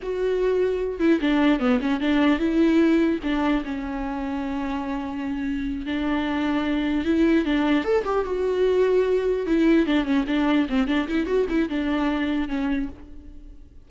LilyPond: \new Staff \with { instrumentName = "viola" } { \time 4/4 \tempo 4 = 149 fis'2~ fis'8 e'8 d'4 | b8 cis'8 d'4 e'2 | d'4 cis'2.~ | cis'2~ cis'8 d'4.~ |
d'4. e'4 d'4 a'8 | g'8 fis'2. e'8~ | e'8 d'8 cis'8 d'4 c'8 d'8 e'8 | fis'8 e'8 d'2 cis'4 | }